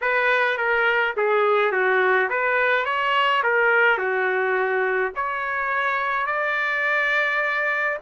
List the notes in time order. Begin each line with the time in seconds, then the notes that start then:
0.01 B4
0.57 A#4
1.16 G#4
1.72 F#4
2.29 B4
2.85 C#5
3.43 A#4
3.98 F#4
5.15 C#5
6.26 D5